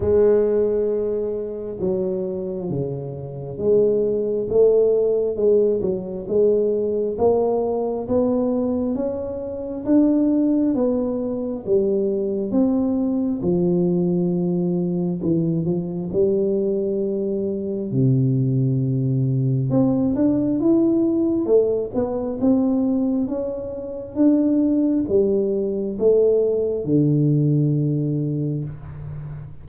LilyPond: \new Staff \with { instrumentName = "tuba" } { \time 4/4 \tempo 4 = 67 gis2 fis4 cis4 | gis4 a4 gis8 fis8 gis4 | ais4 b4 cis'4 d'4 | b4 g4 c'4 f4~ |
f4 e8 f8 g2 | c2 c'8 d'8 e'4 | a8 b8 c'4 cis'4 d'4 | g4 a4 d2 | }